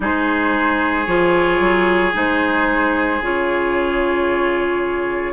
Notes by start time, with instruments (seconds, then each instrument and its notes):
0.00 bassoon G#3, clarinet D#4, oboe G#4, flute C5
1.06 bassoon F3, clarinet F4, flute C#5
1.59 bassoon F#3
2.12 bassoon G#3, clarinet D#4, flute C5
3.21 bassoon C#3, clarinet F4, flute C#5